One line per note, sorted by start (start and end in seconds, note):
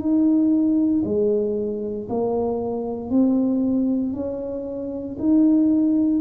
0.00 1.03 D#4
1.05 2.08 G#3
2.10 3.10 A#3
3.10 4.14 C4
4.14 5.17 C#4
5.19 6.21 D#4